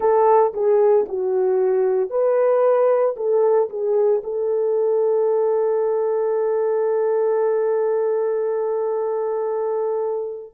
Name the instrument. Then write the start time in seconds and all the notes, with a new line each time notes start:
horn
0.00 A4
0.53 G#4
1.08 F#4
2.10 B4
3.16 A4
3.69 G#4
4.23 A4